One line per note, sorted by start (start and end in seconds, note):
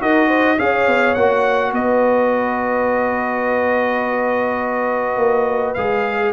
0.00 0.59 D#4
0.00 0.58 F#4
0.00 0.27 A#4
0.00 0.59 D#5
0.27 0.56 C5
0.57 0.87 C#4
0.57 1.16 G#4
0.57 1.72 C#5
0.57 1.14 F5
0.87 1.16 B3
1.14 1.72 A#3
1.14 5.77 F#4
1.14 1.72 F#5
1.72 5.17 B3
1.72 6.33 B4
1.72 5.74 D#5
5.17 5.75 A#3
5.74 6.33 G#3
5.74 6.33 G#4
5.74 6.32 F5